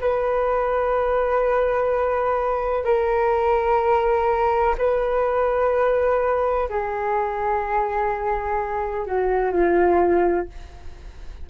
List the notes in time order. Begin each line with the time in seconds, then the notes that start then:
0.00 B4
2.84 A#4
4.78 B4
6.69 G#4
9.06 F#4
9.52 F4